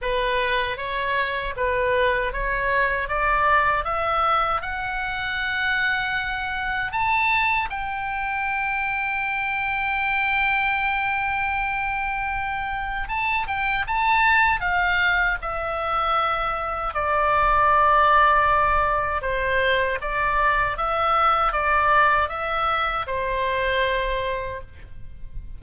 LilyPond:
\new Staff \with { instrumentName = "oboe" } { \time 4/4 \tempo 4 = 78 b'4 cis''4 b'4 cis''4 | d''4 e''4 fis''2~ | fis''4 a''4 g''2~ | g''1~ |
g''4 a''8 g''8 a''4 f''4 | e''2 d''2~ | d''4 c''4 d''4 e''4 | d''4 e''4 c''2 | }